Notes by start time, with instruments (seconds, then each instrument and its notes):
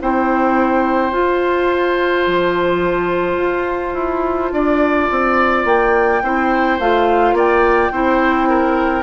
0.00 bassoon C4, clarinet E4, oboe C5, flute G5
1.11 clarinet F4, bassoon F4, flute A5
2.26 bassoon F3
3.37 bassoon F4
3.94 bassoon E4
4.52 bassoon D4, oboe D5
5.11 bassoon C4
5.65 bassoon A#3, flute G5
6.22 bassoon C4, clarinet E4, oboe C5
6.79 bassoon A3, clarinet F4, flute F5
7.32 bassoon A#3, oboe D5, flute G5
7.91 bassoon C4, clarinet E4, oboe C5
8.49 oboe A#4